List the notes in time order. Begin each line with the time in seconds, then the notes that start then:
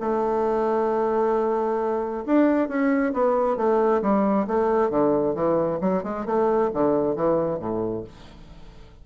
0.00 A3
2.26 D4
2.68 C#4
3.13 B3
3.56 A3
4.02 G3
4.47 A3
4.90 D3
5.34 E3
5.80 F#3
6.03 G#3
6.25 A3
6.73 D3
7.15 E3
7.59 A2